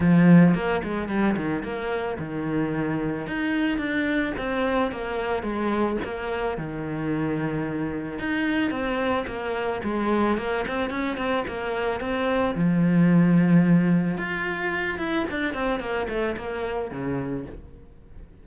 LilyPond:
\new Staff \with { instrumentName = "cello" } { \time 4/4 \tempo 4 = 110 f4 ais8 gis8 g8 dis8 ais4 | dis2 dis'4 d'4 | c'4 ais4 gis4 ais4 | dis2. dis'4 |
c'4 ais4 gis4 ais8 c'8 | cis'8 c'8 ais4 c'4 f4~ | f2 f'4. e'8 | d'8 c'8 ais8 a8 ais4 cis4 | }